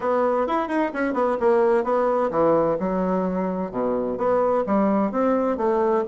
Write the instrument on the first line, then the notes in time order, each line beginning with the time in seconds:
bassoon
0.00 B3
0.47 E4
0.68 D#4
0.93 C#4
1.13 B3
1.40 A#3
1.84 B3
2.30 E3
2.79 F#3
3.71 B2
4.17 B3
4.66 G3
5.11 C4
5.57 A3